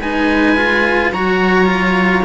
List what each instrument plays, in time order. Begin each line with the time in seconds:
0.00 cello G#3 D#4, viola B4, oboe G#5
0.57 cello F4
1.12 cello F#3 F#4, viola C#5, oboe A#5
1.66 cello F4